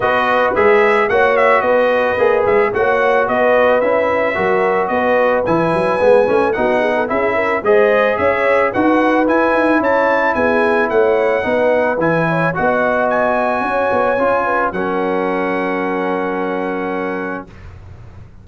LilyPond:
<<
  \new Staff \with { instrumentName = "trumpet" } { \time 4/4 \tempo 4 = 110 dis''4 e''4 fis''8 e''8 dis''4~ | dis''8 e''8 fis''4 dis''4 e''4~ | e''4 dis''4 gis''2 | fis''4 e''4 dis''4 e''4 |
fis''4 gis''4 a''4 gis''4 | fis''2 gis''4 fis''4 | gis''2. fis''4~ | fis''1 | }
  \new Staff \with { instrumentName = "horn" } { \time 4/4 b'2 cis''4 b'4~ | b'4 cis''4 b'2 | ais'4 b'2. | fis'8 gis'16 a'16 gis'8 ais'8 c''4 cis''4 |
b'2 cis''4 gis'4 | cis''4 b'4. cis''8 dis''4~ | dis''4 cis''4. b'8 ais'4~ | ais'1 | }
  \new Staff \with { instrumentName = "trombone" } { \time 4/4 fis'4 gis'4 fis'2 | gis'4 fis'2 e'4 | fis'2 e'4 b8 cis'8 | dis'4 e'4 gis'2 |
fis'4 e'2.~ | e'4 dis'4 e'4 fis'4~ | fis'2 f'4 cis'4~ | cis'1 | }
  \new Staff \with { instrumentName = "tuba" } { \time 4/4 b4 gis4 ais4 b4 | ais8 gis8 ais4 b4 cis'4 | fis4 b4 e8 fis8 gis8 a8 | b4 cis'4 gis4 cis'4 |
dis'4 e'8 dis'8 cis'4 b4 | a4 b4 e4 b4~ | b4 cis'8 b8 cis'4 fis4~ | fis1 | }
>>